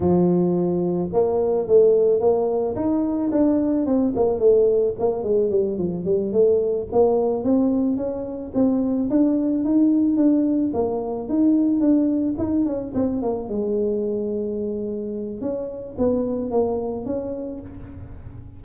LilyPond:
\new Staff \with { instrumentName = "tuba" } { \time 4/4 \tempo 4 = 109 f2 ais4 a4 | ais4 dis'4 d'4 c'8 ais8 | a4 ais8 gis8 g8 f8 g8 a8~ | a8 ais4 c'4 cis'4 c'8~ |
c'8 d'4 dis'4 d'4 ais8~ | ais8 dis'4 d'4 dis'8 cis'8 c'8 | ais8 gis2.~ gis8 | cis'4 b4 ais4 cis'4 | }